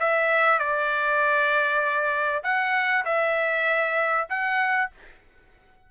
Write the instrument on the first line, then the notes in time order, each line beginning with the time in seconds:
trumpet
0.00 E5
0.59 D5
2.44 F#5
3.05 E5
4.29 F#5